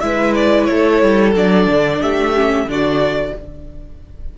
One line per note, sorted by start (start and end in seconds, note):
0.00 0.70 G#3
0.00 1.35 E4
0.00 0.70 B4
0.00 0.33 E5
0.35 0.65 D5
0.65 1.03 A3
0.65 2.01 A4
0.65 1.32 C#5
1.03 1.36 G3
1.35 1.67 F#3
1.35 2.35 D4
1.35 2.02 D5
1.67 2.00 D3
2.01 2.65 A3
2.01 2.68 G4
2.01 2.69 E5
2.36 2.67 C#4
2.65 3.32 D3
2.65 3.34 D4
2.65 3.38 F#4
2.71 3.38 D5